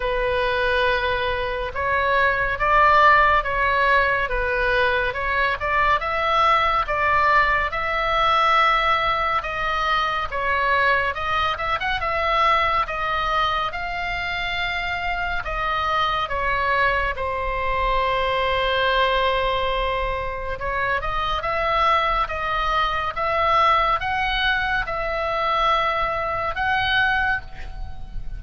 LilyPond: \new Staff \with { instrumentName = "oboe" } { \time 4/4 \tempo 4 = 70 b'2 cis''4 d''4 | cis''4 b'4 cis''8 d''8 e''4 | d''4 e''2 dis''4 | cis''4 dis''8 e''16 fis''16 e''4 dis''4 |
f''2 dis''4 cis''4 | c''1 | cis''8 dis''8 e''4 dis''4 e''4 | fis''4 e''2 fis''4 | }